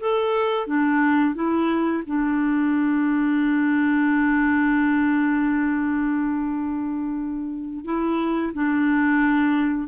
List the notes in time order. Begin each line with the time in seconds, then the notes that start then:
0.00 A4
0.67 D4
1.35 E4
2.06 D4
7.85 E4
8.54 D4